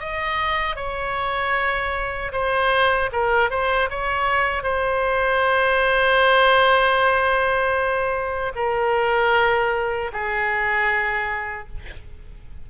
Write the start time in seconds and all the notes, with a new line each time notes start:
0.00 D#5
0.76 C#5
2.32 C5
3.12 A#4
3.51 C5
3.90 C#5
4.63 C5
8.55 A#4
10.13 G#4